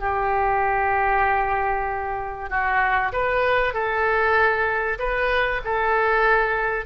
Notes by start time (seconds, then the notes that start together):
0.00 G4
2.50 F#4
3.13 B4
3.74 A4
4.99 B4
5.65 A4